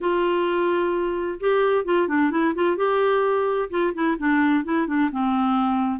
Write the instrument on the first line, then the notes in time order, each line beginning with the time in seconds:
clarinet
0.00 F4
1.40 G4
1.84 F4
2.08 D4
2.30 E4
2.54 F4
2.77 G4
3.70 F4
3.94 E4
4.18 D4
4.64 E4
4.87 D4
5.11 C4